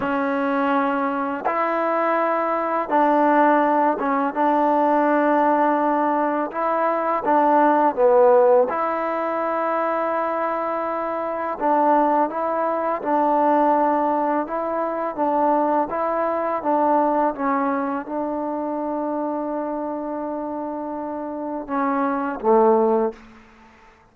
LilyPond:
\new Staff \with { instrumentName = "trombone" } { \time 4/4 \tempo 4 = 83 cis'2 e'2 | d'4. cis'8 d'2~ | d'4 e'4 d'4 b4 | e'1 |
d'4 e'4 d'2 | e'4 d'4 e'4 d'4 | cis'4 d'2.~ | d'2 cis'4 a4 | }